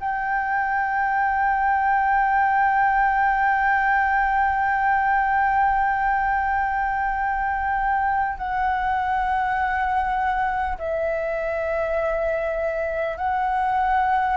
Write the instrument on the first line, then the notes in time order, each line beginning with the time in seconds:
flute
0.00 G5
8.38 F#5
10.78 E5
13.18 F#5